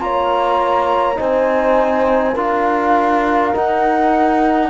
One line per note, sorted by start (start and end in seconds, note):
0.00 1.18 A#3
0.00 1.15 F4
0.00 1.20 C#5
0.00 1.19 A#5
1.15 2.36 C4
1.15 2.33 D#4
1.15 2.34 C5
1.15 2.37 G#5
2.34 3.54 D4
2.34 3.53 F4
2.34 4.69 A#4
2.34 3.55 F5
3.53 4.70 D#4
3.53 4.70 F#5